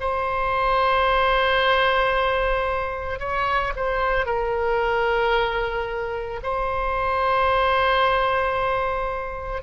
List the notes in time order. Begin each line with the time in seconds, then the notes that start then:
0.00 C5
3.19 C#5
3.75 C5
4.26 A#4
6.43 C5